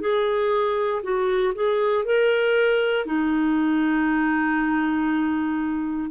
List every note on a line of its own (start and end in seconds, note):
0.00 1.02 G#4
1.02 1.53 F#4
1.54 2.04 G#4
2.04 3.05 A#4
3.05 6.10 D#4